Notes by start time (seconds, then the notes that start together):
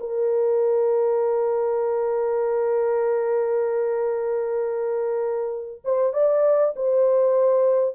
0.00 A#4
5.85 C5
6.13 D5
6.76 C5